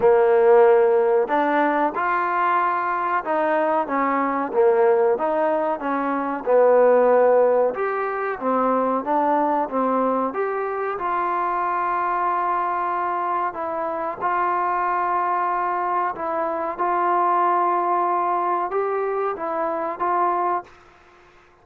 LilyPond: \new Staff \with { instrumentName = "trombone" } { \time 4/4 \tempo 4 = 93 ais2 d'4 f'4~ | f'4 dis'4 cis'4 ais4 | dis'4 cis'4 b2 | g'4 c'4 d'4 c'4 |
g'4 f'2.~ | f'4 e'4 f'2~ | f'4 e'4 f'2~ | f'4 g'4 e'4 f'4 | }